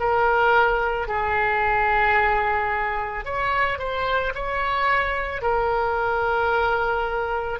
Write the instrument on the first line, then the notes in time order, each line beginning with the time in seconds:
oboe
0.00 A#4
1.08 G#4
3.25 C#5
3.79 C5
4.35 C#5
5.42 A#4